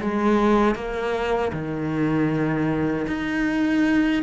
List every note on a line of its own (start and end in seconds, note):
0.00 0.74 G#3
0.74 1.51 A#3
1.52 3.06 D#3
3.07 4.22 D#4